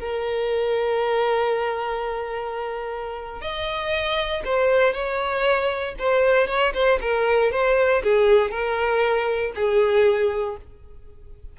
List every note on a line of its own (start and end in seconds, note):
0.00 3.42 A#4
3.42 4.43 D#5
4.45 4.94 C5
4.94 5.95 C#5
6.00 6.48 C5
6.48 6.73 C#5
6.74 7.00 C5
7.02 7.52 A#4
7.52 8.03 C5
8.04 8.51 G#4
8.51 9.53 A#4
9.55 10.57 G#4